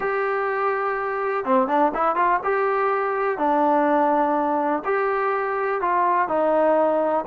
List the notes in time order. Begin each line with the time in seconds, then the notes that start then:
0.00 G4
1.45 C4
1.67 D4
1.94 E4
2.15 F4
2.43 G4
3.38 D4
4.85 G4
5.81 F4
6.28 D#4